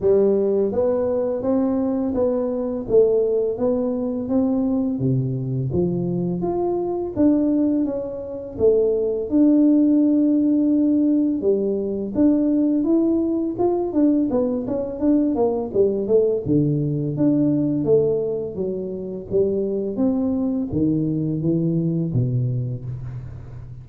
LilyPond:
\new Staff \with { instrumentName = "tuba" } { \time 4/4 \tempo 4 = 84 g4 b4 c'4 b4 | a4 b4 c'4 c4 | f4 f'4 d'4 cis'4 | a4 d'2. |
g4 d'4 e'4 f'8 d'8 | b8 cis'8 d'8 ais8 g8 a8 d4 | d'4 a4 fis4 g4 | c'4 dis4 e4 b,4 | }